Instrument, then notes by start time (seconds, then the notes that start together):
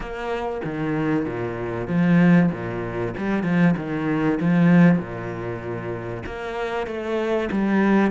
cello
0.00 A#3
0.64 D#3
1.25 A#2
1.87 F3
2.51 A#2
3.17 G3
3.43 F3
3.76 D#3
4.40 F3
4.98 A#2
6.26 A#3
6.86 A3
7.51 G3